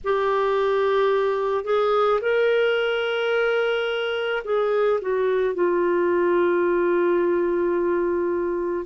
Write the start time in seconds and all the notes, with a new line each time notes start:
0.04 G4
1.64 G#4
2.21 A#4
4.44 G#4
5.01 F#4
5.54 F4